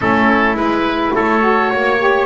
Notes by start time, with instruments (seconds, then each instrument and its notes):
0.00 double bass A3, saxophone C#4, trumpet E4, oboe A4
0.54 double bass G#3, saxophone E4, oboe B4
1.15 double bass A3, trumpet A4, oboe C#5
1.40 saxophone F#4
1.70 double bass A#3, trumpet C#5
1.99 saxophone G4